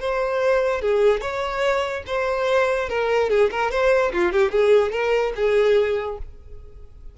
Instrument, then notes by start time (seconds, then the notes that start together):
violin
0.00 C5
0.82 G#4
1.22 C#5
2.07 C5
2.90 A#4
3.30 G#4
3.51 A#4
3.71 C5
4.13 F4
4.32 G4
4.52 G#4
4.92 A#4
5.36 G#4